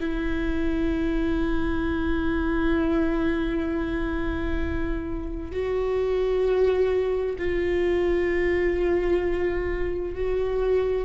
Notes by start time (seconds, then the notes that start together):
0.00 E4
5.52 F#4
7.38 F4
10.15 F#4